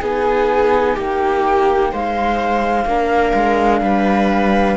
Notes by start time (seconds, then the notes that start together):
0.00 B3 D#4 G#4 G#5
0.95 A#3 G4 G5
1.92 G#3 C5 F5
2.85 A#3 D4 A#4
3.34 G#3
3.81 G3 B4